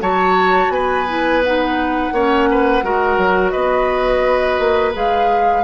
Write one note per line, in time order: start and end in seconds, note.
0.00 0.69 F#3
0.00 1.06 F#4
0.00 0.73 C#5
0.00 0.71 A5
0.69 2.10 B3
0.69 2.14 B4
0.69 1.42 G#5
1.07 1.43 E4
1.44 2.14 D#4
1.44 3.50 F#5
2.12 2.82 A#3
2.12 2.82 C#4
2.12 2.49 C#5
2.51 2.84 B4
2.82 3.17 G#3
2.82 4.93 F#4
2.82 3.52 A#4
3.17 3.53 F#3
3.50 4.59 B3
3.50 5.64 B4
3.50 4.92 D#5
4.59 4.94 A#3
4.93 5.64 G#3
4.93 5.63 G#4
4.93 5.64 F5